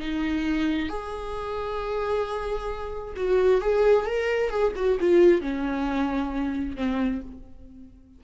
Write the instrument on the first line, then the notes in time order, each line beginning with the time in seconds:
viola
0.00 D#4
0.89 G#4
3.17 F#4
3.62 G#4
4.06 A#4
4.50 G#4
4.76 F#4
5.00 F4
5.42 C#4
6.76 C4